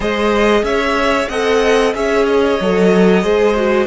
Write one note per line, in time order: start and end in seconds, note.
0.00 0.62 G#3
0.00 1.29 G#4
0.00 0.62 C5
0.00 0.64 D#5
0.62 1.27 C#4
0.62 1.29 C#5
0.62 1.28 E5
1.28 1.93 C4
1.28 1.94 A4
1.28 1.93 D#5
1.28 1.93 F#5
1.94 2.59 C#4
1.94 2.58 G#4
1.94 3.23 C#5
1.94 2.25 E5
2.25 3.86 D#5
2.60 3.23 F#3
2.60 3.22 A4
3.22 3.86 G#3
3.22 3.54 G#4
3.22 3.86 C5
3.56 3.86 F#4